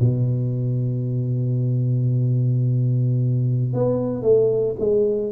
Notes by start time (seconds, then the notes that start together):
0.00 B2
3.73 B3
4.22 A3
4.79 G#3